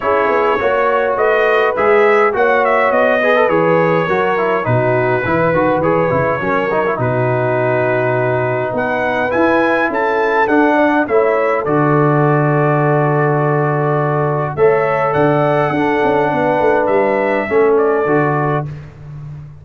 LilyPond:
<<
  \new Staff \with { instrumentName = "trumpet" } { \time 4/4 \tempo 4 = 103 cis''2 dis''4 e''4 | fis''8 e''8 dis''4 cis''2 | b'2 cis''2 | b'2. fis''4 |
gis''4 a''4 fis''4 e''4 | d''1~ | d''4 e''4 fis''2~ | fis''4 e''4. d''4. | }
  \new Staff \with { instrumentName = "horn" } { \time 4/4 gis'4 cis''4 b'2 | cis''4. b'4. ais'4 | fis'4 b'2 ais'4 | fis'2. b'4~ |
b'4 a'4. d''8 cis''4 | a'1~ | a'4 cis''4 d''4 a'4 | b'2 a'2 | }
  \new Staff \with { instrumentName = "trombone" } { \time 4/4 e'4 fis'2 gis'4 | fis'4. gis'16 a'16 gis'4 fis'8 e'8 | dis'4 e'8 fis'8 gis'8 e'8 cis'8 dis'16 e'16 | dis'1 |
e'2 d'4 e'4 | fis'1~ | fis'4 a'2 d'4~ | d'2 cis'4 fis'4 | }
  \new Staff \with { instrumentName = "tuba" } { \time 4/4 cis'8 b8 ais4 a4 gis4 | ais4 b4 e4 fis4 | b,4 e8 dis8 e8 cis8 fis4 | b,2. b4 |
e'4 cis'4 d'4 a4 | d1~ | d4 a4 d4 d'8 cis'8 | b8 a8 g4 a4 d4 | }
>>